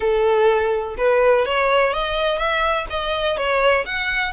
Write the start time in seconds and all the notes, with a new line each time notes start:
0.00 A4
0.97 B4
1.45 C#5
1.93 D#5
2.38 E5
2.89 D#5
3.37 C#5
3.85 F#5